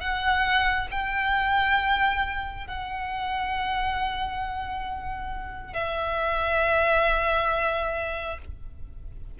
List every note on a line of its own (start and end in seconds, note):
0.00 0.88 F#5
0.91 2.67 G5
2.67 5.73 F#5
5.73 8.38 E5